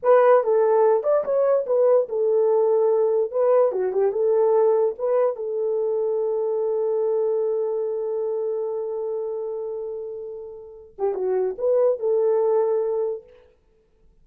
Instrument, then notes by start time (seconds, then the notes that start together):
horn
0.02 B4
0.43 A4
1.03 D5
1.24 C#5
1.66 B4
2.09 A4
3.31 B4
3.72 F#4
3.92 G4
4.12 A4
4.98 B4
5.36 A4
10.98 G4
11.14 F#4
11.57 B4
11.99 A4